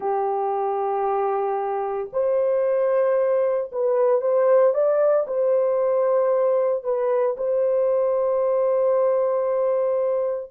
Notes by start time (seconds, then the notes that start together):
0.00 G4
2.12 C5
3.72 B4
4.21 C5
4.74 D5
5.27 C5
6.83 B4
7.37 C5